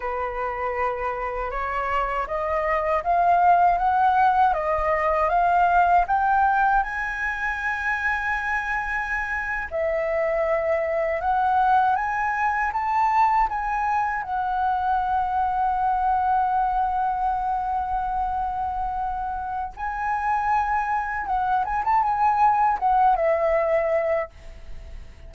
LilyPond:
\new Staff \with { instrumentName = "flute" } { \time 4/4 \tempo 4 = 79 b'2 cis''4 dis''4 | f''4 fis''4 dis''4 f''4 | g''4 gis''2.~ | gis''8. e''2 fis''4 gis''16~ |
gis''8. a''4 gis''4 fis''4~ fis''16~ | fis''1~ | fis''2 gis''2 | fis''8 gis''16 a''16 gis''4 fis''8 e''4. | }